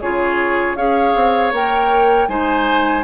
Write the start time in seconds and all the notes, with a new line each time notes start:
0.00 C#3 F4 G#4 C#5
0.75 C#4 G#4 C#5 F5
1.15 C4
1.52 A#3 A#4 G5
2.28 G#3 D#4 C5 G#5